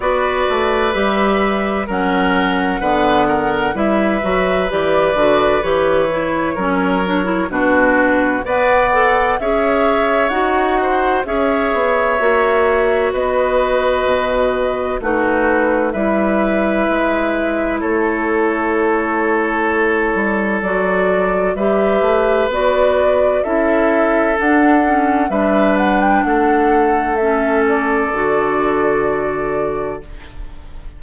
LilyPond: <<
  \new Staff \with { instrumentName = "flute" } { \time 4/4 \tempo 4 = 64 d''4 e''4 fis''2 | e''4 d''4 cis''2 | b'4 fis''4 e''4 fis''4 | e''2 dis''2 |
b'4 e''2 cis''4~ | cis''2 d''4 e''4 | d''4 e''4 fis''4 e''8 fis''16 g''16 | fis''4 e''8 d''2~ d''8 | }
  \new Staff \with { instrumentName = "oboe" } { \time 4/4 b'2 ais'4 b'8 ais'8 | b'2. ais'4 | fis'4 d''4 cis''4. c''8 | cis''2 b'2 |
fis'4 b'2 a'4~ | a'2. b'4~ | b'4 a'2 b'4 | a'1 | }
  \new Staff \with { instrumentName = "clarinet" } { \time 4/4 fis'4 g'4 cis'4 b4 | e'8 fis'8 g'8 fis'8 g'8 e'8 cis'8 d'16 e'16 | d'4 b'8 a'8 gis'4 fis'4 | gis'4 fis'2. |
dis'4 e'2.~ | e'2 fis'4 g'4 | fis'4 e'4 d'8 cis'8 d'4~ | d'4 cis'4 fis'2 | }
  \new Staff \with { instrumentName = "bassoon" } { \time 4/4 b8 a8 g4 fis4 d4 | g8 fis8 e8 d8 e4 fis4 | b,4 b4 cis'4 dis'4 | cis'8 b8 ais4 b4 b,4 |
a4 g4 gis4 a4~ | a4. g8 fis4 g8 a8 | b4 cis'4 d'4 g4 | a2 d2 | }
>>